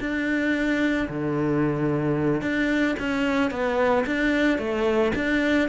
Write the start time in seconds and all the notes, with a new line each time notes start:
0.00 D4
1.08 D3
2.42 D4
2.99 C#4
3.51 B3
4.06 D4
4.58 A3
5.15 D4